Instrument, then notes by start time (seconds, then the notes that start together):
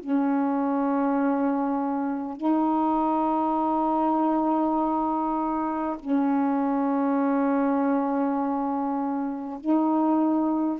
saxophone
0.00 C#4
2.37 D#4
6.00 C#4
9.61 D#4